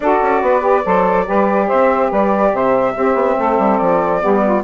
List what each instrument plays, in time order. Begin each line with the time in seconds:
0.00 bassoon D4, saxophone F#4 A4, flute D5
0.22 bassoon C#4
0.41 bassoon B3, saxophone B4
0.60 saxophone G4
0.84 bassoon F#3, saxophone A4 C5
1.25 bassoon G3, saxophone G4 B4
1.67 bassoon C4, saxophone C5, flute E5
2.10 bassoon G3, saxophone B4, flute D5
2.53 bassoon C3, saxophone C5, flute E5
2.94 saxophone C4 G4, bassoon C4
3.14 bassoon B3
3.38 bassoon A3, saxophone A4
3.58 bassoon G3
3.77 bassoon F3, flute D5
4.21 bassoon G3, saxophone B3 G4
4.44 saxophone F4